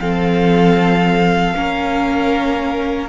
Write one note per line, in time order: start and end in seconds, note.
0.00 1.54 F3
0.00 1.55 C4
0.00 1.55 A4
0.00 3.08 F5
1.55 3.09 A#3
1.55 3.09 C#4
1.55 3.09 A#4